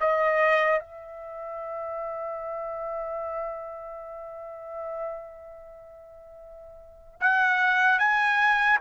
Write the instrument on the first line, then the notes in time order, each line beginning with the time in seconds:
trumpet
0.00 D#5
0.80 E5
7.21 F#5
7.99 G#5